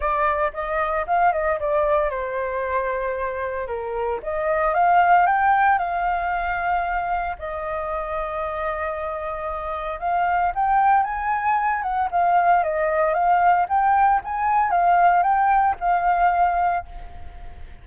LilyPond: \new Staff \with { instrumentName = "flute" } { \time 4/4 \tempo 4 = 114 d''4 dis''4 f''8 dis''8 d''4 | c''2. ais'4 | dis''4 f''4 g''4 f''4~ | f''2 dis''2~ |
dis''2. f''4 | g''4 gis''4. fis''8 f''4 | dis''4 f''4 g''4 gis''4 | f''4 g''4 f''2 | }